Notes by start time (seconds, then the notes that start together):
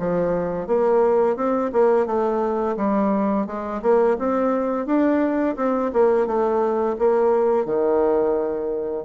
0.00 F3
0.68 A#3
1.37 C4
1.73 A#3
2.07 A3
2.77 G3
3.47 G#3
3.83 A#3
4.19 C4
4.87 D4
5.57 C4
5.94 A#3
6.27 A3
6.99 A#3
7.66 D#3